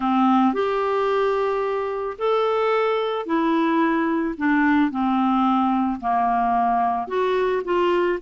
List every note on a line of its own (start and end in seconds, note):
0.00 0.53 C4
0.53 2.17 G4
2.18 3.26 A4
3.26 4.35 E4
4.37 4.90 D4
4.90 6.00 C4
6.00 7.07 A#3
7.07 7.62 F#4
7.64 8.19 F4